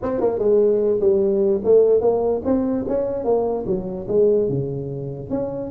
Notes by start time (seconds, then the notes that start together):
0.02 C4
0.20 A#3
0.38 G#3
1.00 G3
1.64 A3
2.01 A#3
2.44 C4
2.88 C#4
3.24 A#3
3.66 F#3
4.08 G#3
4.49 C#3
5.30 C#4